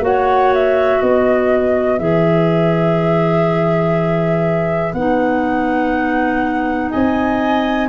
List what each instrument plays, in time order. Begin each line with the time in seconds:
0.00 tuba A#3, clarinet F#4 C#5, flute F#5
0.54 flute E5
1.00 tuba B3, clarinet B4, flute D#5
1.99 tuba E3, clarinet G#4, flute E5
4.93 tuba B3, clarinet D#4, flute F#5
6.90 tuba C4, clarinet D#5, flute G#5